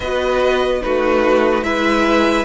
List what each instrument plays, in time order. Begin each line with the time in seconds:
0.00 cello B3, viola F#4, violin B4 D#5
0.81 cello A3, viola D#4, violin F#4 B4
1.62 cello G#3, viola E4, violin B4 E5